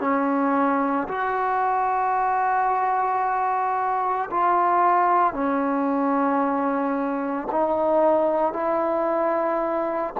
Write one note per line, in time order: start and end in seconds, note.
0.00 1.07 C#4
1.08 4.29 F#4
4.31 5.34 F4
5.34 7.48 C#4
7.51 8.53 D#4
8.53 10.13 E4